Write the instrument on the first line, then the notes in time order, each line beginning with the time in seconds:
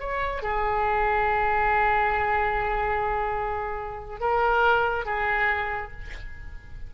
oboe
0.00 C#5
0.43 G#4
4.20 A#4
5.06 G#4